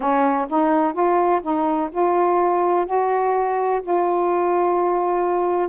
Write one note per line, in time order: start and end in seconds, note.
0.00 0.47 C#4
0.48 0.93 D#4
0.93 1.40 F4
1.42 1.89 D#4
1.91 2.86 F4
2.86 3.81 F#4
3.82 5.68 F4